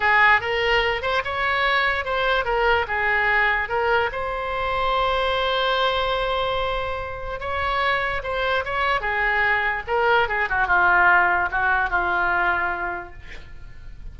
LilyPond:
\new Staff \with { instrumentName = "oboe" } { \time 4/4 \tempo 4 = 146 gis'4 ais'4. c''8 cis''4~ | cis''4 c''4 ais'4 gis'4~ | gis'4 ais'4 c''2~ | c''1~ |
c''2 cis''2 | c''4 cis''4 gis'2 | ais'4 gis'8 fis'8 f'2 | fis'4 f'2. | }